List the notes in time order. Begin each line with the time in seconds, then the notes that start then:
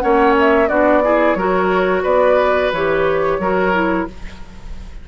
0.00 A#3 C#4 C#5 F#5
0.40 E5
0.68 B3 D4 F#4 D5
1.04 E4 G#4
1.34 F#3 F#4 A#4 C#5
2.03 B3 B4 D5
2.72 E3 G4 C#5
3.39 F#3 F#4 A#4
3.73 E4